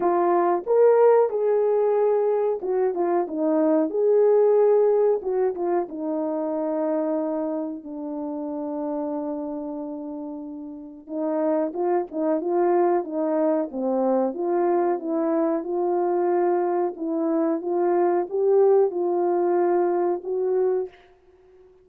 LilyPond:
\new Staff \with { instrumentName = "horn" } { \time 4/4 \tempo 4 = 92 f'4 ais'4 gis'2 | fis'8 f'8 dis'4 gis'2 | fis'8 f'8 dis'2. | d'1~ |
d'4 dis'4 f'8 dis'8 f'4 | dis'4 c'4 f'4 e'4 | f'2 e'4 f'4 | g'4 f'2 fis'4 | }